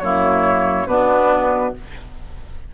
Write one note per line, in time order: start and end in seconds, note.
0.00 0.87 F#2
0.00 0.88 A#3
0.00 0.88 E4
0.00 0.87 C#5
0.87 1.74 B2
0.87 1.75 B3
0.87 1.75 D4
0.87 1.74 B4